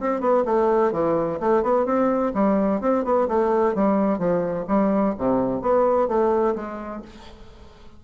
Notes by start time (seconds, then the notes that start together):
0.00 C4
0.20 B3
0.45 A3
0.92 E3
1.40 A3
1.63 B3
1.86 C4
2.34 G3
2.81 C4
3.04 B3
3.28 A3
3.75 G3
4.18 F3
4.67 G3
5.18 C3
5.62 B3
6.08 A3
6.55 G#3